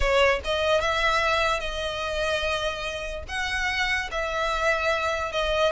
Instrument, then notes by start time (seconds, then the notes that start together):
violin
0.00 C#5
0.44 D#5
0.81 E5
1.60 D#5
3.28 F#5
4.11 E5
5.32 D#5